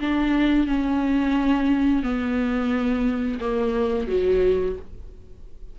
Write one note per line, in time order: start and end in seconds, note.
0.00 0.67 D4
0.67 2.03 C#4
2.03 3.39 B3
3.40 4.07 A#3
4.07 4.75 F#3